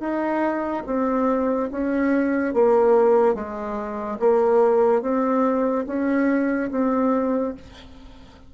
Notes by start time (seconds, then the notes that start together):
0.00 D#4
0.86 C4
1.71 C#4
2.54 A#3
3.35 G#3
4.20 A#3
5.02 C4
5.87 C#4
6.71 C4